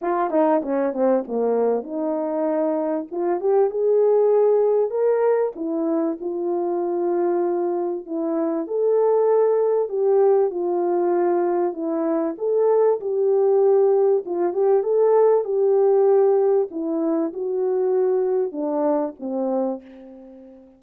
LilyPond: \new Staff \with { instrumentName = "horn" } { \time 4/4 \tempo 4 = 97 f'8 dis'8 cis'8 c'8 ais4 dis'4~ | dis'4 f'8 g'8 gis'2 | ais'4 e'4 f'2~ | f'4 e'4 a'2 |
g'4 f'2 e'4 | a'4 g'2 f'8 g'8 | a'4 g'2 e'4 | fis'2 d'4 c'4 | }